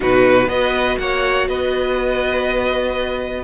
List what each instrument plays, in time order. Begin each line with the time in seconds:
0.00 cello B2, viola D#4, violin F#4 B4
0.47 cello B3, viola F#4, violin B4 D#5
0.98 cello A#3, violin C#5 F#5
1.48 cello B3, violin B4 D#5